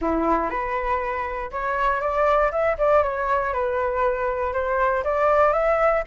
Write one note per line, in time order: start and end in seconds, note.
0.01 0.50 E4
0.50 1.50 B4
1.51 2.00 C#5
2.00 2.51 D5
2.51 2.77 E5
2.77 3.03 D5
3.03 3.53 C#5
3.53 4.53 B4
4.53 5.03 C5
5.04 5.52 D5
5.52 6.03 E5